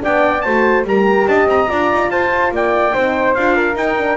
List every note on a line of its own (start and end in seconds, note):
0.00 0.46 B3
0.00 0.42 D4
0.00 0.44 D5
0.00 0.41 G5
0.41 0.84 A3
0.41 0.86 F#4
0.41 0.85 C5
0.41 0.83 A5
0.84 1.26 G3
0.84 1.67 G4
0.84 1.28 A#4
0.84 1.27 A#5
1.27 1.46 D4
1.27 1.69 D#5
1.27 1.48 A5
1.46 1.66 C4
1.46 2.10 A#5
1.67 1.92 D4
1.67 2.92 F4
1.67 2.10 D5
1.92 2.09 D#4
2.09 2.51 F4
2.09 2.53 C5
2.09 2.52 A5
2.51 2.93 A#3
2.51 2.93 D5
2.51 3.34 G5
2.93 3.36 C4
2.93 3.36 D#4
2.93 3.55 C5
3.34 3.75 D4
3.34 3.74 F4
3.34 3.76 F5
3.55 4.17 A#4
3.74 3.95 D#4
3.74 4.17 D#4
3.74 4.17 G5
3.98 4.17 D4